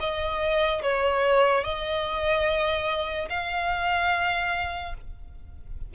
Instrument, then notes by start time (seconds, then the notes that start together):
violin
0.00 D#5
0.83 C#5
1.64 D#5
3.30 F5